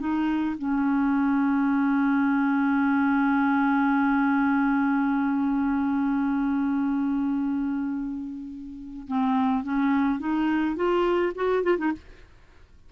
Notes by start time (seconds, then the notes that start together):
0.00 D#4
0.59 C#4
9.08 C4
9.64 C#4
10.20 D#4
10.76 F4
11.36 F#4
11.64 F4
11.79 D#4